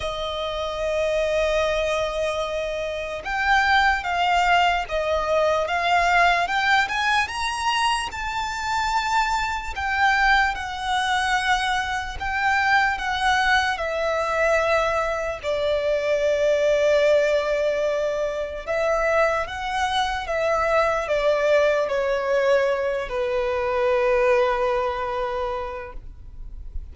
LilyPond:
\new Staff \with { instrumentName = "violin" } { \time 4/4 \tempo 4 = 74 dis''1 | g''4 f''4 dis''4 f''4 | g''8 gis''8 ais''4 a''2 | g''4 fis''2 g''4 |
fis''4 e''2 d''4~ | d''2. e''4 | fis''4 e''4 d''4 cis''4~ | cis''8 b'2.~ b'8 | }